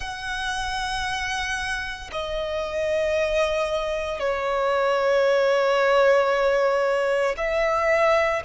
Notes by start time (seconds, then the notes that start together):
0.00 F#5
2.11 D#5
4.19 C#5
7.37 E5